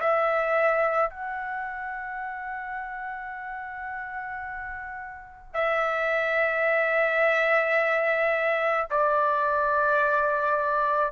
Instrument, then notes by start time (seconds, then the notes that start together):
trumpet
0.00 E5
1.10 F#5
5.54 E5
8.90 D5